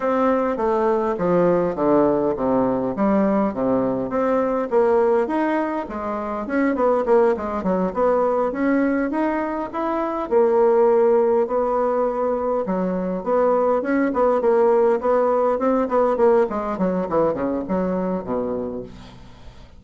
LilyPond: \new Staff \with { instrumentName = "bassoon" } { \time 4/4 \tempo 4 = 102 c'4 a4 f4 d4 | c4 g4 c4 c'4 | ais4 dis'4 gis4 cis'8 b8 | ais8 gis8 fis8 b4 cis'4 dis'8~ |
dis'8 e'4 ais2 b8~ | b4. fis4 b4 cis'8 | b8 ais4 b4 c'8 b8 ais8 | gis8 fis8 e8 cis8 fis4 b,4 | }